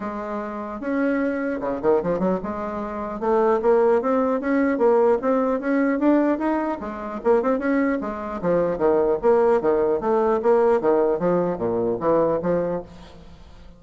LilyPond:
\new Staff \with { instrumentName = "bassoon" } { \time 4/4 \tempo 4 = 150 gis2 cis'2 | cis8 dis8 f8 fis8 gis2 | a4 ais4 c'4 cis'4 | ais4 c'4 cis'4 d'4 |
dis'4 gis4 ais8 c'8 cis'4 | gis4 f4 dis4 ais4 | dis4 a4 ais4 dis4 | f4 ais,4 e4 f4 | }